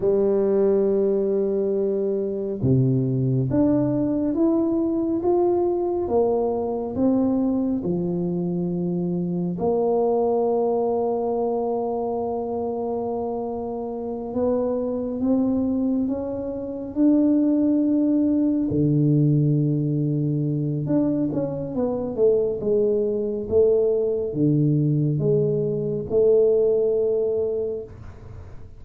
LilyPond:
\new Staff \with { instrumentName = "tuba" } { \time 4/4 \tempo 4 = 69 g2. c4 | d'4 e'4 f'4 ais4 | c'4 f2 ais4~ | ais1~ |
ais8 b4 c'4 cis'4 d'8~ | d'4. d2~ d8 | d'8 cis'8 b8 a8 gis4 a4 | d4 gis4 a2 | }